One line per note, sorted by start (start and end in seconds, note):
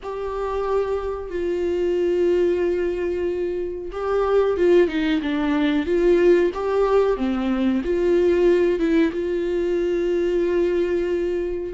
0.02 1.30 G4
1.30 3.91 F4
3.91 4.57 G4
4.57 4.88 F4
4.88 5.20 D#4
5.21 5.85 D4
5.85 6.51 F4
6.54 7.17 G4
7.17 7.82 C4
7.83 8.79 F4
8.79 9.11 E4
9.12 11.73 F4